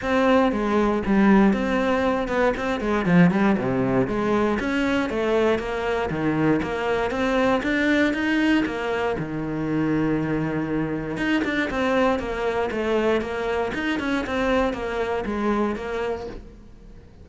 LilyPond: \new Staff \with { instrumentName = "cello" } { \time 4/4 \tempo 4 = 118 c'4 gis4 g4 c'4~ | c'8 b8 c'8 gis8 f8 g8 c4 | gis4 cis'4 a4 ais4 | dis4 ais4 c'4 d'4 |
dis'4 ais4 dis2~ | dis2 dis'8 d'8 c'4 | ais4 a4 ais4 dis'8 cis'8 | c'4 ais4 gis4 ais4 | }